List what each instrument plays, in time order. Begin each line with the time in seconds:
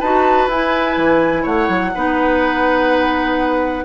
0.00 bassoon D#4, clarinet F#4, oboe B4, flute A5
0.48 bassoon E4, clarinet E4, flute G#5
0.97 bassoon E3
1.43 bassoon A3, oboe C#5, flute F#5
1.69 bassoon F#3
1.95 bassoon B3, clarinet D#4, oboe B4